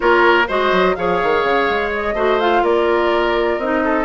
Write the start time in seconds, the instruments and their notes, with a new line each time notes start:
0.00 bassoon A#3, clarinet F4, oboe A#4, flute C#5
0.47 bassoon G#3, clarinet F#4, oboe C5, flute D#5
0.71 bassoon F#3
0.95 bassoon F3, clarinet G#4, oboe C#5, flute F5
1.23 bassoon D#3
1.43 bassoon C#3
1.69 bassoon G#3
1.93 flute D#5
2.14 bassoon A3, clarinet F#4, oboe C5
2.40 clarinet F4, flute F5
2.62 bassoon A#3, oboe A#4, flute D5
3.58 bassoon C4, clarinet D#4, flute D#5
3.84 oboe A4